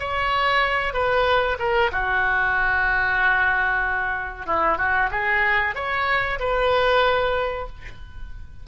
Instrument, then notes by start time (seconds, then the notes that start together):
oboe
0.00 C#5
0.93 B4
1.59 A#4
1.91 F#4
4.46 E4
4.78 F#4
5.11 G#4
5.75 C#5
6.39 B4